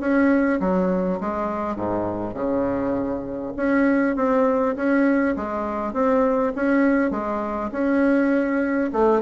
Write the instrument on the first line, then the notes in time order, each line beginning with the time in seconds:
bassoon
0.00 C#4
0.60 F#3
1.20 G#3
1.76 G#2
2.34 C#3
3.56 C#4
4.16 C4
4.76 C#4
5.36 G#3
5.94 C4
6.56 C#4
7.11 G#3
7.72 C#4
8.93 A3